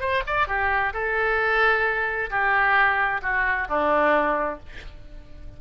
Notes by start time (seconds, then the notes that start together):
0.00 C5
0.26 D5
0.47 G4
0.93 A4
2.30 G4
3.22 F#4
3.68 D4